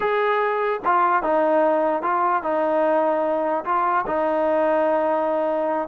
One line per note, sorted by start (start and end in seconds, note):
0.00 0.80 G#4
0.84 1.22 F4
1.22 2.02 D#4
2.02 2.42 F4
2.42 3.64 D#4
3.64 4.05 F4
4.07 5.88 D#4